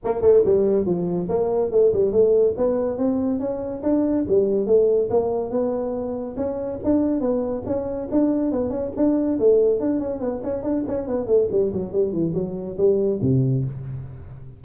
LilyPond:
\new Staff \with { instrumentName = "tuba" } { \time 4/4 \tempo 4 = 141 ais8 a8 g4 f4 ais4 | a8 g8 a4 b4 c'4 | cis'4 d'4 g4 a4 | ais4 b2 cis'4 |
d'4 b4 cis'4 d'4 | b8 cis'8 d'4 a4 d'8 cis'8 | b8 cis'8 d'8 cis'8 b8 a8 g8 fis8 | g8 e8 fis4 g4 c4 | }